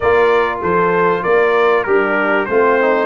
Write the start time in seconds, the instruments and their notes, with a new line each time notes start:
0.00 tuba A#3, trombone F4, horn A#4, trumpet D5
0.61 tuba F3, horn A4, trumpet C5
1.23 tuba A#3, horn A#4, trumpet D5
1.83 tuba G3, horn D4, trombone G4, trumpet A#4
2.45 tuba A3, horn C4, trombone F4, trumpet C5
2.81 trombone D#4